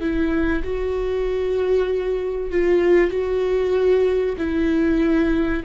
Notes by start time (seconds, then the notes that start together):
0.00 E4
0.63 F#4
2.51 F4
3.11 F#4
4.38 E4